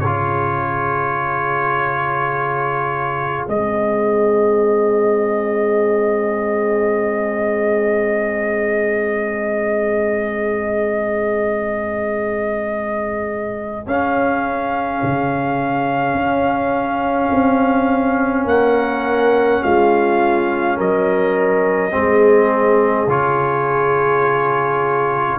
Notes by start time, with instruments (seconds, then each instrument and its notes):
0.00 tuba C#3, trombone F4, horn G#4, trumpet C#5
3.49 tuba G#3, trombone C4, trumpet D#5
13.87 tuba C#4, trombone C#4, trumpet F5
15.03 tuba C#3
16.14 tuba C#4
17.32 tuba C4
18.45 tuba A#3, horn A#4, trumpet F#5
19.63 tuba G#3, horn F4, trumpet F5
20.77 tuba F#3, horn A#4, trumpet D#5
21.92 tuba G#3, trombone C4, horn G#4
23.07 tuba C#3, trombone F4, trumpet C#5